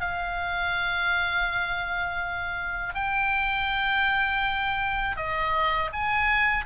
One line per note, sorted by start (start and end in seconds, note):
0.00 2.94 F5
2.94 5.16 G5
5.16 5.90 D#5
5.93 6.65 G#5